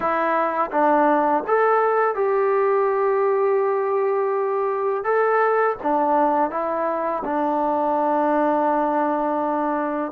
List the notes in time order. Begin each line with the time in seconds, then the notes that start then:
0.00 E4
0.71 D4
1.47 A4
2.14 G4
5.03 A4
5.82 D4
6.50 E4
7.24 D4